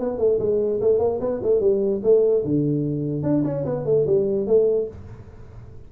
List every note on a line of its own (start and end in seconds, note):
0.00 0.19 B3
0.19 0.39 A3
0.40 0.81 G#3
0.81 0.99 A3
0.99 1.20 A#3
1.21 1.41 B3
1.43 1.61 A3
1.61 2.01 G3
2.04 2.44 A3
2.45 3.23 D3
3.23 3.44 D4
3.45 3.65 C#4
3.66 3.86 B3
3.86 4.06 A3
4.07 4.47 G3
4.47 4.88 A3